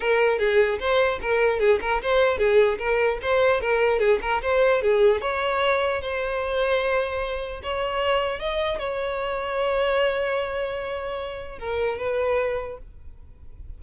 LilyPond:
\new Staff \with { instrumentName = "violin" } { \time 4/4 \tempo 4 = 150 ais'4 gis'4 c''4 ais'4 | gis'8 ais'8 c''4 gis'4 ais'4 | c''4 ais'4 gis'8 ais'8 c''4 | gis'4 cis''2 c''4~ |
c''2. cis''4~ | cis''4 dis''4 cis''2~ | cis''1~ | cis''4 ais'4 b'2 | }